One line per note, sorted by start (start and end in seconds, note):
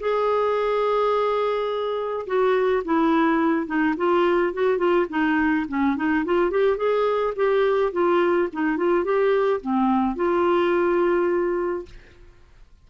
0.00 2.26 G#4
2.26 2.83 F#4
2.85 3.66 E4
3.66 3.95 D#4
3.97 4.54 F4
4.54 4.78 F#4
4.78 5.06 F4
5.09 5.66 D#4
5.68 5.96 C#4
5.96 6.24 D#4
6.25 6.50 F4
6.50 6.77 G4
6.77 7.34 G#4
7.36 7.92 G4
7.92 8.49 F4
8.53 8.77 D#4
8.77 9.04 F4
9.04 9.61 G4
9.61 10.16 C4
10.16 11.85 F4